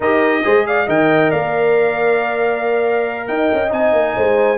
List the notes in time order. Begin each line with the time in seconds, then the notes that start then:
0.00 D#4 G4 A#4 D#5
0.43 G#3 G#4 C5
0.66 D5 F5
0.86 D#3 A#4 D#5 G5
1.30 A#3 D5 F5
3.27 D#4 D#5 G5
3.53 C#4
3.69 C4 D#4 G#5
3.93 A#3
4.15 G#3 C5